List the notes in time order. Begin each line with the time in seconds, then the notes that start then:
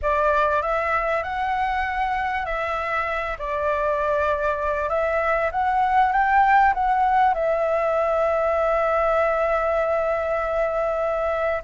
0.01 D5
0.62 E5
1.23 F#5
2.45 E5
3.38 D5
4.89 E5
5.51 F#5
6.12 G5
6.73 F#5
7.34 E5